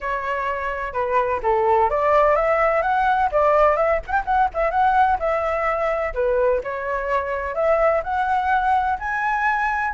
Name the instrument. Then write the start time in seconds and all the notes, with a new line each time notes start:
flute
0.00 C#5
0.93 B4
1.42 A4
1.90 D5
2.35 E5
2.82 F#5
3.31 D5
3.76 E5
4.06 F#5 G5
4.25 F#5
4.54 E5
4.70 F#5
5.19 E5
6.14 B4
6.63 C#5
7.54 E5
8.03 F#5
8.99 G#5